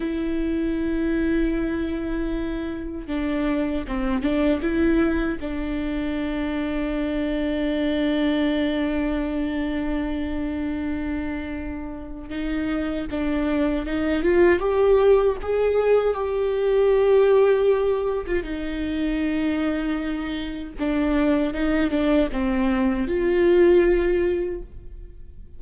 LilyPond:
\new Staff \with { instrumentName = "viola" } { \time 4/4 \tempo 4 = 78 e'1 | d'4 c'8 d'8 e'4 d'4~ | d'1~ | d'1 |
dis'4 d'4 dis'8 f'8 g'4 | gis'4 g'2~ g'8. f'16 | dis'2. d'4 | dis'8 d'8 c'4 f'2 | }